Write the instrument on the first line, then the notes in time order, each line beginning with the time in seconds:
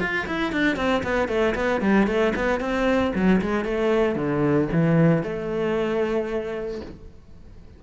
cello
0.00 F4
0.27 E4
0.52 D4
0.76 C4
1.03 B3
1.28 A3
1.55 B3
1.81 G3
2.07 A3
2.36 B3
2.60 C4
3.15 F#3
3.41 G#3
3.65 A3
4.16 D3
4.72 E3
5.23 A3